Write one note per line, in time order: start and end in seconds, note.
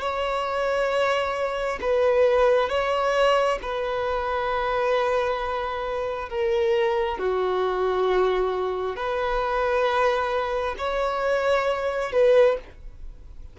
0.00 1.79 C#5
1.81 2.69 B4
2.69 3.59 C#5
3.61 6.29 B4
6.29 7.18 A#4
7.18 8.96 F#4
8.96 10.75 B4
10.78 12.11 C#5
12.11 12.56 B4